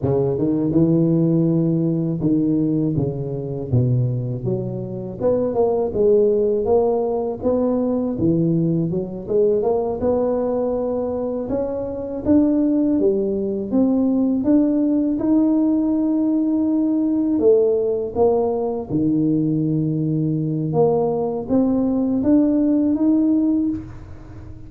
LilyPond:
\new Staff \with { instrumentName = "tuba" } { \time 4/4 \tempo 4 = 81 cis8 dis8 e2 dis4 | cis4 b,4 fis4 b8 ais8 | gis4 ais4 b4 e4 | fis8 gis8 ais8 b2 cis'8~ |
cis'8 d'4 g4 c'4 d'8~ | d'8 dis'2. a8~ | a8 ais4 dis2~ dis8 | ais4 c'4 d'4 dis'4 | }